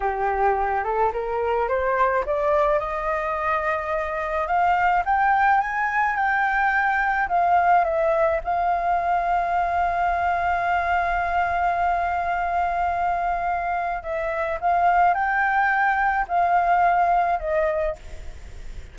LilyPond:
\new Staff \with { instrumentName = "flute" } { \time 4/4 \tempo 4 = 107 g'4. a'8 ais'4 c''4 | d''4 dis''2. | f''4 g''4 gis''4 g''4~ | g''4 f''4 e''4 f''4~ |
f''1~ | f''1~ | f''4 e''4 f''4 g''4~ | g''4 f''2 dis''4 | }